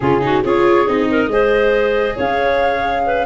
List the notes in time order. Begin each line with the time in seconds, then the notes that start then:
0.00 C#3 C#4 F4 G#4
0.20 D#4 F#4
0.43 C#4 F4 G#4 C#5
0.87 C4 D#4 D#5
1.10 A#4
1.27 G#3 G#4 C5
2.16 C#4 C#5 F5
3.06 B4